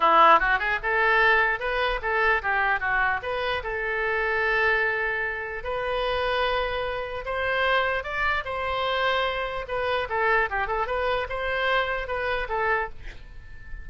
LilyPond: \new Staff \with { instrumentName = "oboe" } { \time 4/4 \tempo 4 = 149 e'4 fis'8 gis'8 a'2 | b'4 a'4 g'4 fis'4 | b'4 a'2.~ | a'2 b'2~ |
b'2 c''2 | d''4 c''2. | b'4 a'4 g'8 a'8 b'4 | c''2 b'4 a'4 | }